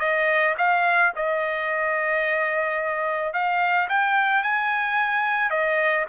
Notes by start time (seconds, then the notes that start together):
0.00 D#5
0.58 F5
1.16 D#5
3.33 F5
3.89 G5
4.43 G#5
5.50 D#5